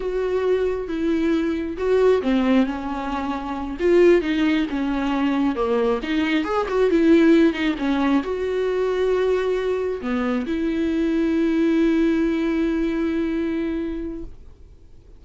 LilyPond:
\new Staff \with { instrumentName = "viola" } { \time 4/4 \tempo 4 = 135 fis'2 e'2 | fis'4 c'4 cis'2~ | cis'8 f'4 dis'4 cis'4.~ | cis'8 ais4 dis'4 gis'8 fis'8 e'8~ |
e'4 dis'8 cis'4 fis'4.~ | fis'2~ fis'8 b4 e'8~ | e'1~ | e'1 | }